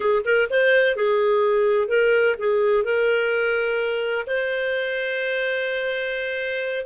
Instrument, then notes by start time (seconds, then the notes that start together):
clarinet
0.00 G#4
0.24 A#4
0.49 C5
0.96 G#4
1.88 A#4
2.39 G#4
2.84 A#4
4.26 C5